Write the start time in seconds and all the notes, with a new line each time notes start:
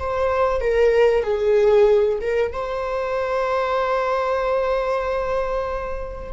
0.00 C5
0.61 A#4
1.24 G#4
2.21 A#4
2.53 C5